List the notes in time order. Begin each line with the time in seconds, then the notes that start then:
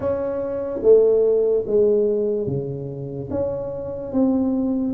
0.00 C#4
0.82 A3
1.66 G#3
2.47 C#3
3.30 C#4
4.12 C4